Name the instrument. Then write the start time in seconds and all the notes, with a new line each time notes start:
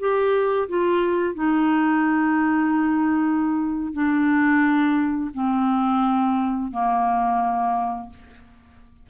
clarinet
0.00 G4
0.69 F4
1.35 D#4
3.93 D4
5.34 C4
6.72 A#3